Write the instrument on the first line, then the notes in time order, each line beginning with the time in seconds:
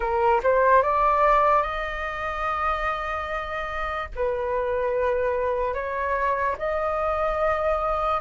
flute
0.00 A#4
0.43 C5
0.82 D5
1.62 D#5
4.15 B4
5.73 C#5
6.58 D#5